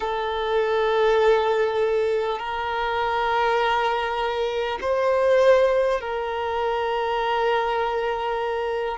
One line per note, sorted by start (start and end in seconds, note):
0.00 2.38 A4
2.38 4.78 A#4
4.81 6.01 C5
6.01 8.98 A#4